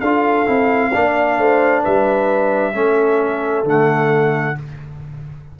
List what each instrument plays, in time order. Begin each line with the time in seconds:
0.00 tuba D4, trombone F4, horn A4, trumpet F5
0.46 tuba C4, trombone E4
0.93 tuba A#3, trombone D4, horn D5
1.38 tuba A3, horn C5
1.82 tuba G3, horn B4, trumpet E5
2.74 tuba A3, trombone C#4, horn A4
3.64 tuba D3, trombone A3, trumpet F#5